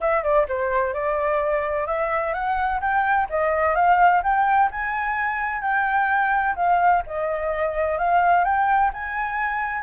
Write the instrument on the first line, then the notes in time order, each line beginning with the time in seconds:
flute
0.00 E5
0.23 D5
0.48 C5
0.93 D5
1.86 E5
2.33 F#5
2.80 G5
3.29 D#5
3.75 F5
4.23 G5
4.71 G#5
5.61 G5
6.55 F5
7.06 D#5
7.98 F5
8.44 G5
8.93 G#5